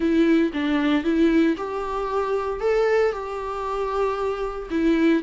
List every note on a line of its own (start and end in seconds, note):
0.00 0.51 E4
0.53 1.04 D4
1.04 1.56 E4
1.57 2.60 G4
2.60 3.12 A4
3.12 4.69 G4
4.70 5.22 E4